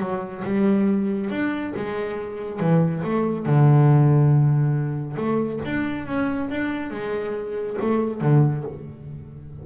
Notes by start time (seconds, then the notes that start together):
0.00 F#3
0.45 G3
1.31 D4
1.76 G#3
2.60 E3
3.04 A3
3.46 D3
5.17 A3
5.65 D4
6.06 C#4
6.50 D4
6.91 G#3
7.82 A3
8.22 D3